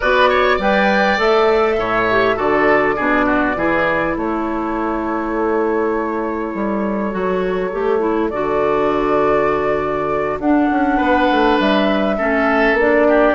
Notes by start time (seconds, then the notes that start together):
0.00 B3 F#4 B4 D5
0.29 C#5
0.56 G3 B4 D5 G5
1.17 A3 A4 E5
1.78 A2 C#5
2.10 G4
2.35 D3 F#4 A4 D5
2.96 B2 D4 G#4
3.26 F#4
3.55 E3 E4 G#4
4.16 A3 A4 C#5
6.54 G3
7.11 F#3 F#4
7.72 A3 G4
7.99 E4
8.29 D3 F#4 D5
10.39 D4 F#5
10.70 C#4
10.97 B3 B4
11.30 A3
11.59 G3 E5
12.18 A3 C#4 A4
12.73 A#3 D4
12.80 D5
13.07 G4